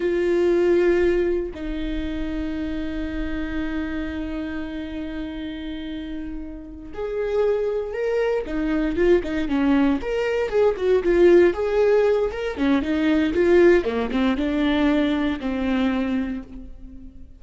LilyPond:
\new Staff \with { instrumentName = "viola" } { \time 4/4 \tempo 4 = 117 f'2. dis'4~ | dis'1~ | dis'1~ | dis'4. gis'2 ais'8~ |
ais'8 dis'4 f'8 dis'8 cis'4 ais'8~ | ais'8 gis'8 fis'8 f'4 gis'4. | ais'8 cis'8 dis'4 f'4 ais8 c'8 | d'2 c'2 | }